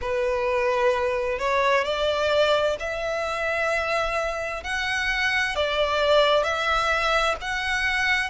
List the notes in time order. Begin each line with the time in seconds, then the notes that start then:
0.01 B4
1.38 C#5
1.84 D5
2.79 E5
4.63 F#5
5.56 D5
6.43 E5
7.41 F#5